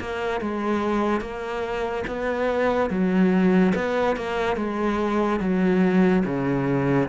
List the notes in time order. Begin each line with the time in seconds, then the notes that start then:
0.00 A#3
0.41 G#3
1.20 A#3
2.07 B3
2.90 F#3
3.75 B3
4.16 A#3
4.56 G#3
5.40 F#3
6.25 C#3